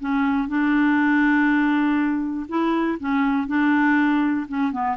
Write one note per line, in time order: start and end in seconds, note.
0.00 0.48 C#4
0.48 2.46 D4
2.48 2.98 E4
3.00 3.47 C#4
3.47 4.47 D4
4.48 4.72 C#4
4.72 4.97 B3